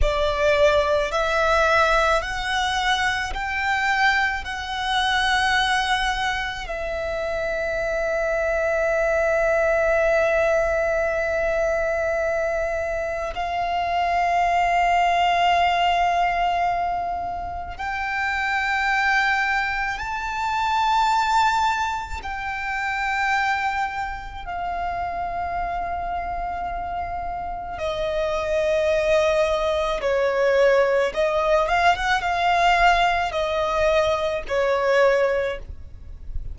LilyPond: \new Staff \with { instrumentName = "violin" } { \time 4/4 \tempo 4 = 54 d''4 e''4 fis''4 g''4 | fis''2 e''2~ | e''1 | f''1 |
g''2 a''2 | g''2 f''2~ | f''4 dis''2 cis''4 | dis''8 f''16 fis''16 f''4 dis''4 cis''4 | }